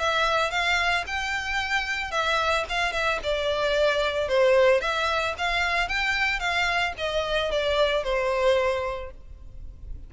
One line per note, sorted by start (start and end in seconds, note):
0.00 0.51 E5
0.51 1.05 F5
1.07 2.12 G5
2.12 2.65 E5
2.70 2.93 F5
2.93 3.20 E5
3.24 4.29 D5
4.29 4.81 C5
4.81 5.35 E5
5.38 5.89 F5
5.89 6.40 G5
6.40 6.94 F5
6.98 7.52 D#5
7.52 8.04 D5
8.04 9.11 C5